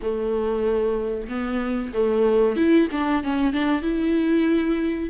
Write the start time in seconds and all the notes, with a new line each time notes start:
0.02 A3
1.28 B3
1.93 A3
2.56 E4
2.91 D4
3.23 C#4
3.53 D4
3.82 E4